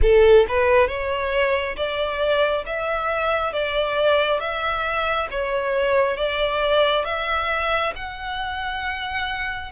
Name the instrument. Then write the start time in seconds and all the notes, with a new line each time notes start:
violin
0.02 A4
0.48 B4
0.87 C#5
1.76 D5
2.66 E5
3.52 D5
4.40 E5
5.30 C#5
6.16 D5
7.05 E5
7.95 F#5